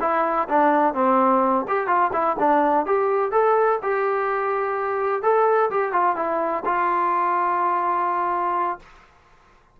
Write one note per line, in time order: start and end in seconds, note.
0.00 0.48 E4
0.48 0.94 D4
0.94 1.65 C4
1.68 1.87 G4
1.87 2.11 F4
2.12 2.36 E4
2.39 2.86 D4
2.86 3.31 G4
3.31 3.79 A4
3.82 5.22 G4
5.22 5.70 A4
5.70 5.92 G4
5.92 6.16 F4
6.16 6.63 E4
6.65 8.79 F4